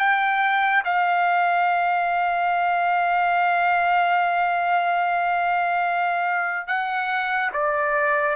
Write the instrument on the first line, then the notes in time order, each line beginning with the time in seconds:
trumpet
0.00 G5
0.85 F5
6.68 F#5
7.53 D5